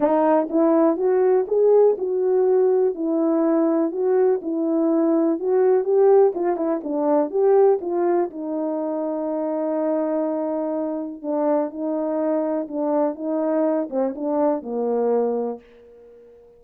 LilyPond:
\new Staff \with { instrumentName = "horn" } { \time 4/4 \tempo 4 = 123 dis'4 e'4 fis'4 gis'4 | fis'2 e'2 | fis'4 e'2 fis'4 | g'4 f'8 e'8 d'4 g'4 |
f'4 dis'2.~ | dis'2. d'4 | dis'2 d'4 dis'4~ | dis'8 c'8 d'4 ais2 | }